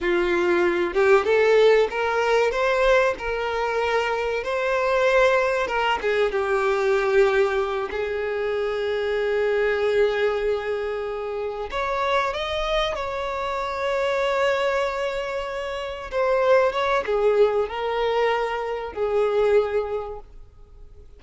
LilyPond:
\new Staff \with { instrumentName = "violin" } { \time 4/4 \tempo 4 = 95 f'4. g'8 a'4 ais'4 | c''4 ais'2 c''4~ | c''4 ais'8 gis'8 g'2~ | g'8 gis'2.~ gis'8~ |
gis'2~ gis'8 cis''4 dis''8~ | dis''8 cis''2.~ cis''8~ | cis''4. c''4 cis''8 gis'4 | ais'2 gis'2 | }